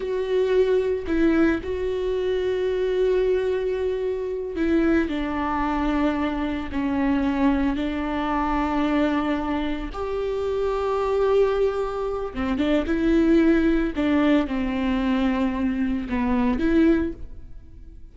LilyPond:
\new Staff \with { instrumentName = "viola" } { \time 4/4 \tempo 4 = 112 fis'2 e'4 fis'4~ | fis'1~ | fis'8 e'4 d'2~ d'8~ | d'8 cis'2 d'4.~ |
d'2~ d'8 g'4.~ | g'2. c'8 d'8 | e'2 d'4 c'4~ | c'2 b4 e'4 | }